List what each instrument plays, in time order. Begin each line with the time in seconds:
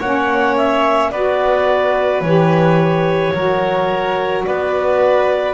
0.00 double bass A#3, saxophone C#4, violin C#5, clarinet F#5
0.57 clarinet E5
1.11 double bass B3, saxophone F#4, violin B4, clarinet D5
2.21 double bass E3, saxophone G4, clarinet C#5
3.34 double bass F#3, saxophone F#4, violin A#4
4.45 double bass B3, violin B4, clarinet D5